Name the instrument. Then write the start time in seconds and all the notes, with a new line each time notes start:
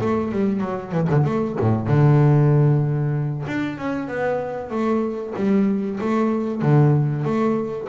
double bass
0.00 A3
0.32 G3
0.60 F#3
0.92 E3
1.09 D3
1.24 A3
1.59 A2
1.86 D3
3.47 D4
3.78 C#4
4.07 B3
4.70 A3
5.35 G3
6.00 A3
6.61 D3
7.24 A3